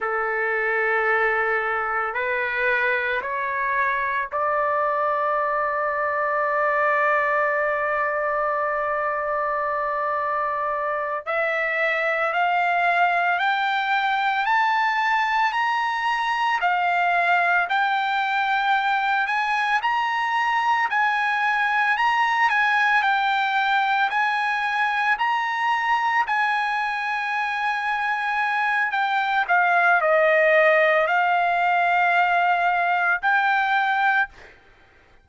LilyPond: \new Staff \with { instrumentName = "trumpet" } { \time 4/4 \tempo 4 = 56 a'2 b'4 cis''4 | d''1~ | d''2~ d''8 e''4 f''8~ | f''8 g''4 a''4 ais''4 f''8~ |
f''8 g''4. gis''8 ais''4 gis''8~ | gis''8 ais''8 gis''8 g''4 gis''4 ais''8~ | ais''8 gis''2~ gis''8 g''8 f''8 | dis''4 f''2 g''4 | }